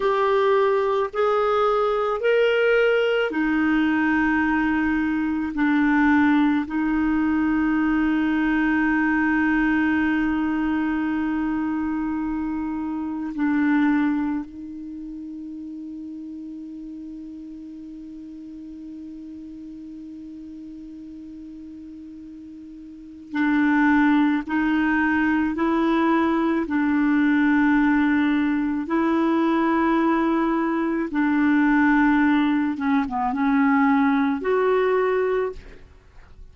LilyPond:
\new Staff \with { instrumentName = "clarinet" } { \time 4/4 \tempo 4 = 54 g'4 gis'4 ais'4 dis'4~ | dis'4 d'4 dis'2~ | dis'1 | d'4 dis'2.~ |
dis'1~ | dis'4 d'4 dis'4 e'4 | d'2 e'2 | d'4. cis'16 b16 cis'4 fis'4 | }